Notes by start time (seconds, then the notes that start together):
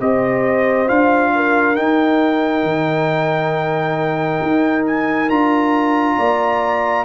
0.00 C4 G4 C5 D#5
0.87 D4 F4 F5
1.35 A#4
1.76 D#4 G5
2.63 D#3
4.42 D#4
4.86 G#5
5.30 D4 F4 A#5
6.17 A#3 D5